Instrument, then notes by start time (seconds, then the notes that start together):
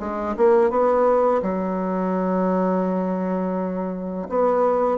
bassoon
0.00 G#3
0.37 A#3
0.70 B3
1.43 F#3
4.29 B3